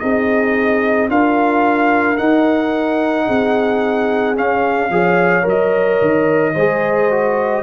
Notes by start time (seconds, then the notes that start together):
0.00 C4 D#4 G#4 D#5
1.09 D4 F4 A#4 F5
2.17 D#4 F#5
3.26 C4 G#4
4.35 C#4 F5
4.90 F3 G#4 C#5
5.42 F#3 A#4
5.49 D#5
6.01 D#3
6.55 G#3 G#4 C5
7.11 F#4